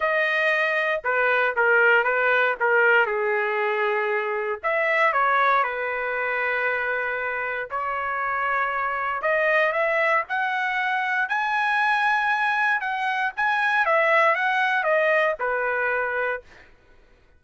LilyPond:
\new Staff \with { instrumentName = "trumpet" } { \time 4/4 \tempo 4 = 117 dis''2 b'4 ais'4 | b'4 ais'4 gis'2~ | gis'4 e''4 cis''4 b'4~ | b'2. cis''4~ |
cis''2 dis''4 e''4 | fis''2 gis''2~ | gis''4 fis''4 gis''4 e''4 | fis''4 dis''4 b'2 | }